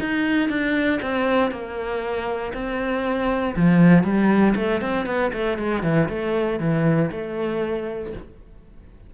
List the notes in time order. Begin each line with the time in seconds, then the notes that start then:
0.00 D#4
0.49 D4
1.02 C4
1.51 A#3
2.54 C4
3.56 F3
4.04 G3
4.56 A3
4.81 C4
5.06 B3
5.33 A3
5.58 G#3
5.83 E3
6.09 A3
6.60 E3
7.11 A3